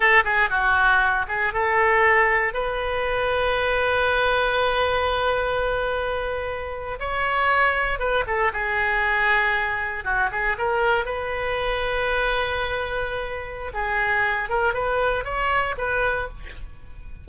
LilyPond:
\new Staff \with { instrumentName = "oboe" } { \time 4/4 \tempo 4 = 118 a'8 gis'8 fis'4. gis'8 a'4~ | a'4 b'2.~ | b'1~ | b'4.~ b'16 cis''2 b'16~ |
b'16 a'8 gis'2. fis'16~ | fis'16 gis'8 ais'4 b'2~ b'16~ | b'2. gis'4~ | gis'8 ais'8 b'4 cis''4 b'4 | }